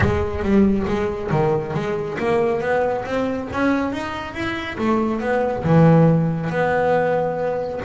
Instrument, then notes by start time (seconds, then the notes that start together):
double bass
0.00 G#3
0.42 G3
0.87 G#3
1.30 D#3
1.74 G#3
2.19 A#3
2.61 B3
3.05 C4
3.52 C#4
3.92 D#4
4.34 E4
4.77 A3
5.20 B3
5.64 E3
6.49 B3